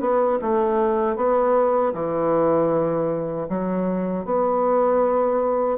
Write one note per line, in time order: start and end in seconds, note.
0.00 0.38 B3
0.41 1.16 A3
1.16 1.93 B3
1.93 3.47 E3
3.49 4.25 F#3
4.25 5.78 B3